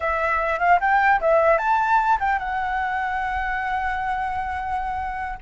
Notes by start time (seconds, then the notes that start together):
0.00 E5
0.59 F5
0.80 G5
1.21 E5
1.58 A5
2.20 G5
2.39 F#5